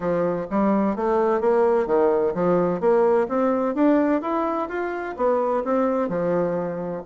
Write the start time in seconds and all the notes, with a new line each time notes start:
0.00 F3
0.50 G3
0.96 A3
1.40 A#3
1.86 D#3
2.34 F3
2.80 A#3
3.28 C4
3.74 D4
4.21 E4
4.68 F4
5.16 B3
5.64 C4
6.09 F3